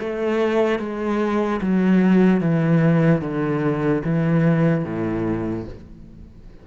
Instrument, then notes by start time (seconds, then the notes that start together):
cello
0.00 A3
0.80 G#3
1.62 F#3
2.41 E3
3.22 D3
4.05 E3
4.85 A2